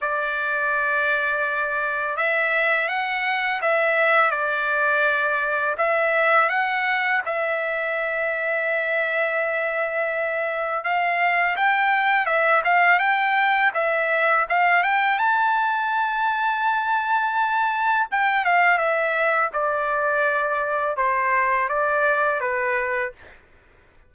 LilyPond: \new Staff \with { instrumentName = "trumpet" } { \time 4/4 \tempo 4 = 83 d''2. e''4 | fis''4 e''4 d''2 | e''4 fis''4 e''2~ | e''2. f''4 |
g''4 e''8 f''8 g''4 e''4 | f''8 g''8 a''2.~ | a''4 g''8 f''8 e''4 d''4~ | d''4 c''4 d''4 b'4 | }